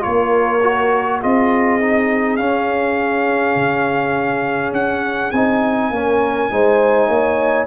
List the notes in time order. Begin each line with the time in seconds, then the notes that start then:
0.00 A#3 F4 A#4 C#5
0.63 F#4
1.20 C4 F4 G#4 D#5
1.81 D#4
2.36 C#4 F5
3.55 C#3
4.72 C#4 F#5
5.31 C4 D#4 G#5
5.90 A#3 C#4 A#4
6.50 G#3 D#4 C5
7.08 A#3 C#5